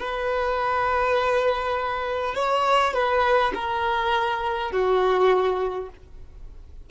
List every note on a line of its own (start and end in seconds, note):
0.00 2.35 B4
2.35 2.94 C#5
2.94 3.53 B4
3.55 4.72 A#4
4.72 5.89 F#4